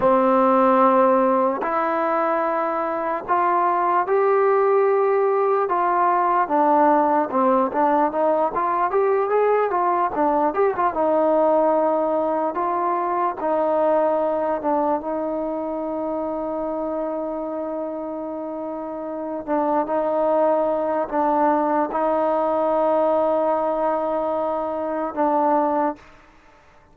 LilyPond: \new Staff \with { instrumentName = "trombone" } { \time 4/4 \tempo 4 = 74 c'2 e'2 | f'4 g'2 f'4 | d'4 c'8 d'8 dis'8 f'8 g'8 gis'8 | f'8 d'8 g'16 f'16 dis'2 f'8~ |
f'8 dis'4. d'8 dis'4.~ | dis'1 | d'8 dis'4. d'4 dis'4~ | dis'2. d'4 | }